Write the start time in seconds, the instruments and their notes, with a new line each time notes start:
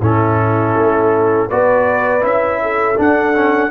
0.00 tuba A2, trombone C#4, horn E4, trumpet A4
0.76 tuba A3
1.48 tuba B3, trombone F#4, horn B4, trumpet D5
2.20 tuba C#4, trombone E4, trumpet E5
2.62 horn A4
2.97 trombone D4, tuba D4, trumpet F#5
3.34 trombone C#4